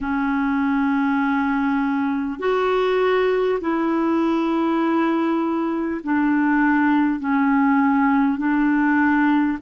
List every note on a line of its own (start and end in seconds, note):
0.00 2.39 C#4
2.39 3.59 F#4
3.61 6.01 E4
6.03 7.19 D4
7.19 8.37 C#4
8.37 9.57 D4